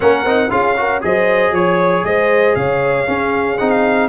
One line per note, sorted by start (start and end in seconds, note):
0.00 0.25 A#3
0.00 0.25 C#4
0.00 0.51 A#4
0.00 0.50 F#5
0.25 0.50 C4
0.25 0.49 D#4
0.49 1.03 C#4
0.49 0.75 F4
0.49 0.77 G#4
0.49 1.02 F5
0.76 1.01 F#4
0.76 1.04 A#4
1.01 1.52 F#3
1.01 3.06 G#4
1.01 1.53 C5
1.01 1.54 D#5
1.52 2.03 F3
1.52 2.04 C#5
1.52 2.05 C#5
2.03 2.54 G#3
2.03 2.57 C5
2.03 2.55 D#5
2.55 3.06 C#3
2.55 3.07 C#5
2.55 3.57 F5
3.06 3.57 C#4
3.06 3.59 C#4
3.06 4.08 G#4
3.58 4.08 C4
3.58 4.08 D#4
3.58 3.70 F#5
3.70 4.08 F5